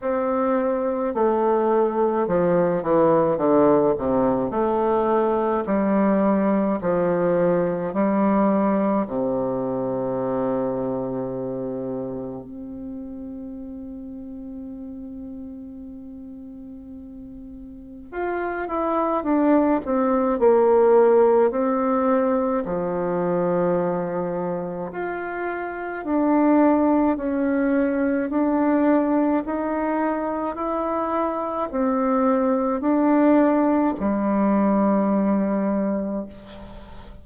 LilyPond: \new Staff \with { instrumentName = "bassoon" } { \time 4/4 \tempo 4 = 53 c'4 a4 f8 e8 d8 c8 | a4 g4 f4 g4 | c2. c'4~ | c'1 |
f'8 e'8 d'8 c'8 ais4 c'4 | f2 f'4 d'4 | cis'4 d'4 dis'4 e'4 | c'4 d'4 g2 | }